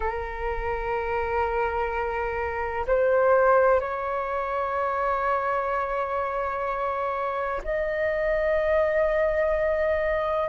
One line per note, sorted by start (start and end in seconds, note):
0.00 2.86 A#4
2.86 3.80 C5
3.80 7.61 C#5
7.64 10.49 D#5